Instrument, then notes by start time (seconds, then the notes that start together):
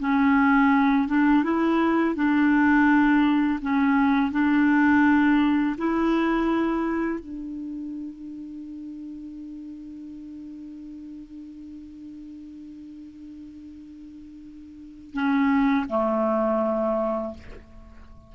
clarinet
0.00 C#4
1.08 D4
1.44 E4
2.16 D4
3.62 C#4
4.32 D4
5.78 E4
7.20 D4
15.14 C#4
15.89 A3